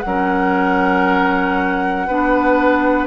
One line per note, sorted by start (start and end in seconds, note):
0.00 2.08 F#3
0.00 3.05 F#5
0.07 2.09 C#4
0.07 2.07 A#4
2.07 3.07 B3
2.07 3.07 D4
2.07 3.07 B4